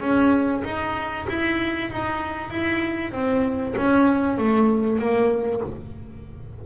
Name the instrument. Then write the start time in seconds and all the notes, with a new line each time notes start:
double bass
0.00 C#4
0.64 D#4
1.29 E4
1.90 D#4
2.50 E4
3.12 C4
3.77 C#4
4.38 A3
4.99 A#3